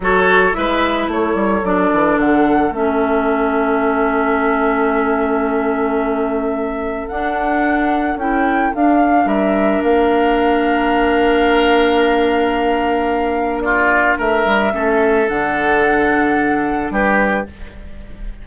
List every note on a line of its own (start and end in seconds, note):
0.00 0.52 F#3
0.00 0.52 F#4
0.00 0.57 A4
0.00 0.54 C#5
0.52 1.07 G#3
0.52 1.61 E4
0.52 1.11 B4
0.52 1.08 E5
1.07 1.34 A3
1.07 9.26 A4
1.07 1.64 C#5
1.34 1.61 G3
1.63 1.90 F#3
1.63 2.73 D4
1.63 2.19 D5
1.92 2.16 E3
2.16 2.69 D3
2.16 2.74 F#5
2.69 7.06 A3
2.69 7.09 C#4
2.69 7.08 E5
7.08 8.16 D4
7.08 8.18 D4
7.08 8.17 F#5
8.16 8.70 C#4
8.16 8.73 E4
8.16 8.73 G5
8.73 14.72 D4
8.73 9.25 D4
8.73 9.28 F5
9.25 9.79 G3
9.25 13.62 A#4
9.25 9.82 E5
9.83 14.18 A#3
9.83 13.61 F5
13.61 14.18 F4
13.61 14.15 D5
14.18 14.45 A3
14.18 14.72 A#4
14.18 15.28 E5
14.45 14.72 G3
14.72 15.28 A3
14.72 15.26 C#4
14.72 16.92 A4
15.27 16.90 D3
15.27 17.45 D4
15.27 16.91 F#5
16.90 17.44 G3
16.90 17.47 G4
16.90 17.47 B4